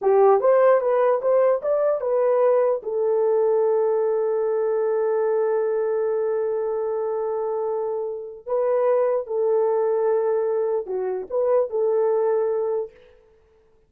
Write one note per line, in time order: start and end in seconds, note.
0.01 0.40 G4
0.40 0.80 C5
0.80 1.20 B4
1.21 1.61 C5
1.61 2.00 D5
2.00 2.81 B4
2.82 8.46 A4
8.46 9.26 B4
9.26 10.86 A4
10.86 11.26 F#4
11.30 11.69 B4
11.69 12.90 A4